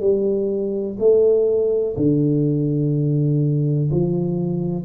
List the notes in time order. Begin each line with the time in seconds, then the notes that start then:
0.00 G3
0.99 A3
1.96 D3
3.91 F3